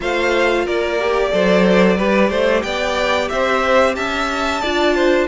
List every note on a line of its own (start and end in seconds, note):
0.00 0.66 A3
0.00 0.99 F4
0.00 0.65 C5
0.00 0.67 F5
0.65 1.33 A#3
0.65 1.31 A#4
0.65 2.62 D5
0.99 1.31 G4
1.31 1.98 F#3
1.31 1.97 A4
1.31 1.97 C5
1.97 2.30 G3
1.97 4.62 G4
1.97 2.29 B4
2.29 2.62 A3
2.29 2.62 C5
2.62 3.30 B3
2.62 3.30 D5
2.62 3.28 G5
3.28 3.96 C4
3.28 3.95 C5
3.28 3.94 E5
3.95 4.62 C#4
3.95 4.61 E5
3.95 5.27 A5
4.61 5.28 D4
4.61 5.28 F4
4.61 4.94 D5
4.94 5.27 C5